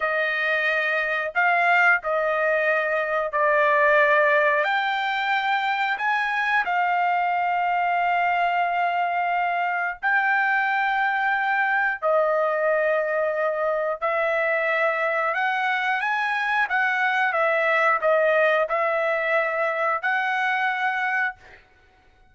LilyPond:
\new Staff \with { instrumentName = "trumpet" } { \time 4/4 \tempo 4 = 90 dis''2 f''4 dis''4~ | dis''4 d''2 g''4~ | g''4 gis''4 f''2~ | f''2. g''4~ |
g''2 dis''2~ | dis''4 e''2 fis''4 | gis''4 fis''4 e''4 dis''4 | e''2 fis''2 | }